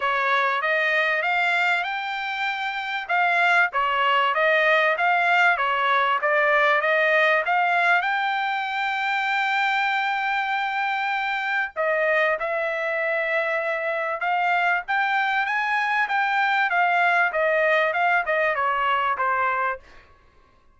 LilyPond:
\new Staff \with { instrumentName = "trumpet" } { \time 4/4 \tempo 4 = 97 cis''4 dis''4 f''4 g''4~ | g''4 f''4 cis''4 dis''4 | f''4 cis''4 d''4 dis''4 | f''4 g''2.~ |
g''2. dis''4 | e''2. f''4 | g''4 gis''4 g''4 f''4 | dis''4 f''8 dis''8 cis''4 c''4 | }